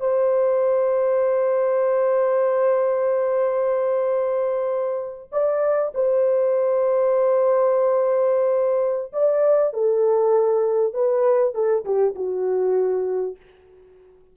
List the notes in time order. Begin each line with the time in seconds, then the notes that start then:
0.00 C5
5.32 D5
5.94 C5
9.13 D5
9.73 A4
10.94 B4
11.54 A4
11.85 G4
12.15 F#4